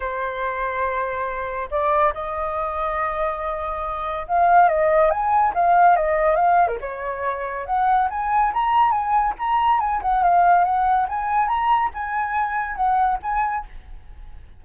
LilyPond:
\new Staff \with { instrumentName = "flute" } { \time 4/4 \tempo 4 = 141 c''1 | d''4 dis''2.~ | dis''2 f''4 dis''4 | gis''4 f''4 dis''4 f''8. ais'16 |
cis''2 fis''4 gis''4 | ais''4 gis''4 ais''4 gis''8 fis''8 | f''4 fis''4 gis''4 ais''4 | gis''2 fis''4 gis''4 | }